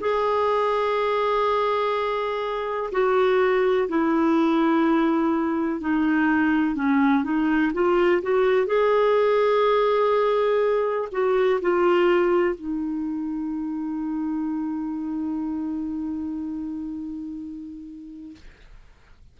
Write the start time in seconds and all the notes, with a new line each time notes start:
0.00 G#4
2.91 F#4
3.88 E4
5.80 D#4
6.75 C#4
7.24 D#4
7.73 F4
8.22 F#4
8.66 G#4
11.12 F#4
11.61 F4
12.55 D#4